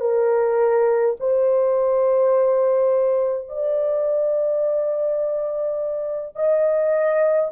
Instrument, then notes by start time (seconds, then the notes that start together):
horn
0.00 A#4
1.20 C5
3.48 D5
6.36 D#5